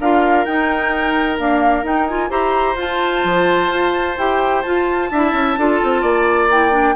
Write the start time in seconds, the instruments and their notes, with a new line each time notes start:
0.00 bassoon D4, clarinet F4, oboe A#4, flute F5
0.45 bassoon D#4, clarinet D#4, flute G5
1.39 clarinet A#3, bassoon D4, flute F5
1.84 bassoon D#4, clarinet D#4, flute G5
2.07 clarinet F4, flute G#5
2.30 bassoon E4, clarinet G4, oboe C5, flute A#5
2.76 bassoon F4, clarinet F4, flute A5
3.24 bassoon F3
3.70 bassoon F4
4.18 bassoon E4, clarinet G4, flute G5
4.62 clarinet F4, bassoon F4, flute A5
5.11 bassoon D4, clarinet E4, oboe E5
5.33 bassoon C#4
5.58 bassoon D4, clarinet F4, oboe A4
5.84 bassoon C4
6.02 bassoon A#3, oboe D5
6.51 clarinet E4, flute G5
6.72 clarinet D4